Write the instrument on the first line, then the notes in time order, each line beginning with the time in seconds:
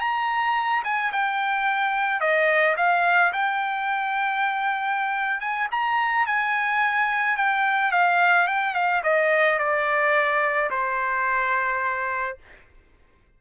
trumpet
0.00 A#5
0.84 G#5
1.12 G5
2.20 D#5
2.77 F5
3.33 G5
5.40 G#5
5.71 A#5
6.26 G#5
7.37 G5
7.91 F5
8.47 G5
8.74 F5
9.03 D#5
9.59 D5
10.70 C5